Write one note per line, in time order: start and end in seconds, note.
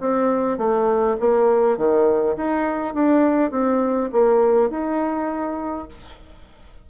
0.00 0.57 C4
0.57 1.16 A3
1.20 1.77 A#3
1.77 2.36 D#3
2.36 2.94 D#4
2.94 3.51 D4
3.51 4.10 C4
4.12 4.70 A#3
4.70 5.88 D#4